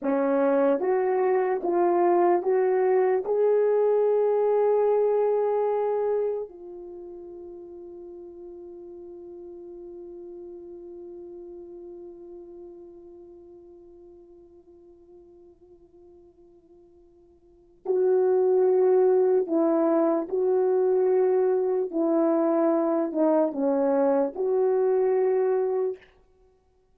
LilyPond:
\new Staff \with { instrumentName = "horn" } { \time 4/4 \tempo 4 = 74 cis'4 fis'4 f'4 fis'4 | gis'1 | f'1~ | f'1~ |
f'1~ | f'2 fis'2 | e'4 fis'2 e'4~ | e'8 dis'8 cis'4 fis'2 | }